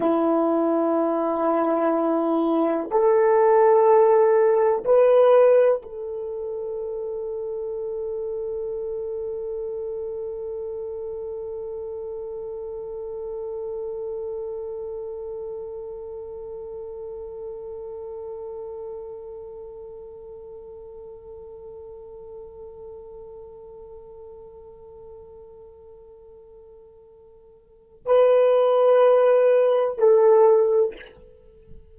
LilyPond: \new Staff \with { instrumentName = "horn" } { \time 4/4 \tempo 4 = 62 e'2. a'4~ | a'4 b'4 a'2~ | a'1~ | a'1~ |
a'1~ | a'1~ | a'1~ | a'4 b'2 a'4 | }